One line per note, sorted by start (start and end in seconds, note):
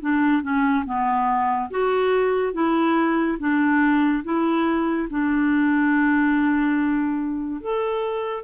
0.00 0.42 D4
0.42 0.85 C#4
0.85 1.70 B3
1.70 2.53 F#4
2.53 3.38 E4
3.39 4.23 D4
4.24 5.08 E4
5.10 7.61 D4
7.61 8.44 A4